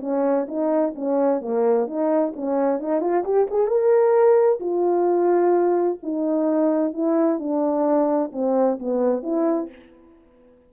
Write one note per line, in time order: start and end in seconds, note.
0.00 0.46 C#4
0.48 0.94 D#4
0.95 1.41 C#4
1.41 1.87 A#3
1.87 2.33 D#4
2.36 2.79 C#4
2.79 3.00 D#4
3.00 3.23 F4
3.24 3.47 G4
3.50 3.67 G#4
3.67 4.59 A#4
4.60 5.98 F4
6.03 6.93 D#4
6.93 7.39 E4
7.39 8.31 D4
8.32 8.78 C4
8.79 9.22 B3
9.22 9.69 E4